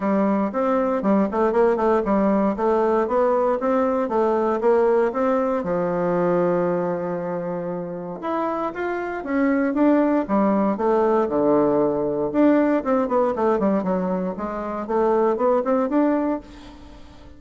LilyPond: \new Staff \with { instrumentName = "bassoon" } { \time 4/4 \tempo 4 = 117 g4 c'4 g8 a8 ais8 a8 | g4 a4 b4 c'4 | a4 ais4 c'4 f4~ | f1 |
e'4 f'4 cis'4 d'4 | g4 a4 d2 | d'4 c'8 b8 a8 g8 fis4 | gis4 a4 b8 c'8 d'4 | }